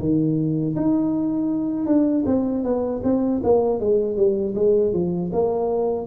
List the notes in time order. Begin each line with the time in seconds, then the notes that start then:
0.00 D#3
0.76 D#4
1.86 D4
2.26 C4
2.64 B3
3.04 C4
3.44 A#3
3.80 G#3
4.17 G3
4.56 G#3
4.93 F3
5.33 A#3